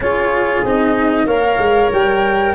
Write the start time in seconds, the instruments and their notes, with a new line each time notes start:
0.00 tuba C#4, cello F4, horn G#4, flute C#5
0.64 tuba C4, cello D#4, flute D#5
1.25 tuba A#3, cello A#4, horn C#5, flute F5
1.58 tuba G#3
1.92 tuba G3, flute G5